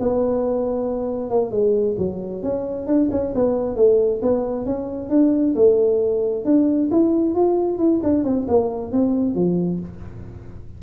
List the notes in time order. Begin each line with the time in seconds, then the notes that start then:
0.00 B3
1.30 A#3
1.51 G#3
1.98 F#3
2.43 C#4
2.87 D4
3.12 C#4
3.35 B3
3.76 A3
4.22 B3
4.66 C#4
5.10 D4
5.56 A3
6.45 D4
6.92 E4
7.35 F4
7.79 E4
8.04 D4
8.24 C4
8.48 A#3
8.92 C4
9.35 F3